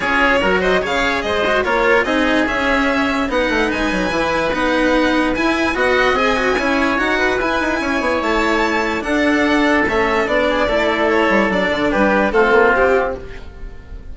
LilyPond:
<<
  \new Staff \with { instrumentName = "violin" } { \time 4/4 \tempo 4 = 146 cis''4. dis''8 f''4 dis''4 | cis''4 dis''4 e''2 | fis''4 gis''2 fis''4~ | fis''4 gis''4 fis''4 gis''4~ |
gis''4 fis''4 gis''2 | a''2 fis''2 | e''4 d''2 cis''4 | d''4 b'4 a'4 g'4 | }
  \new Staff \with { instrumentName = "oboe" } { \time 4/4 gis'4 ais'8 c''8 cis''4 c''4 | ais'4 gis'2. | b'1~ | b'2 dis''2 |
cis''4. b'4. cis''4~ | cis''2 a'2~ | a'4. gis'8 a'2~ | a'4 g'4 f'2 | }
  \new Staff \with { instrumentName = "cello" } { \time 4/4 f'4 fis'4 gis'4. fis'8 | f'4 dis'4 cis'2 | dis'2 e'4 dis'4~ | dis'4 e'4 fis'4 gis'8 fis'8 |
e'4 fis'4 e'2~ | e'2 d'2 | cis'4 d'4 e'2 | d'2 c'2 | }
  \new Staff \with { instrumentName = "bassoon" } { \time 4/4 cis'4 fis4 cis4 gis4 | ais4 c'4 cis'2 | b8 a8 gis8 fis8 e4 b4~ | b4 e'4 b4 c'4 |
cis'4 dis'4 e'8 dis'8 cis'8 b8 | a2 d'2 | a4 b4 a4. g8 | fis8 d8 g4 a8 ais8 c'4 | }
>>